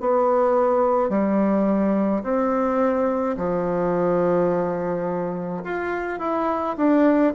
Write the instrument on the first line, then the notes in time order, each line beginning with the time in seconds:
bassoon
0.00 B3
1.09 G3
2.23 C4
3.37 F3
5.63 F4
6.19 E4
6.77 D4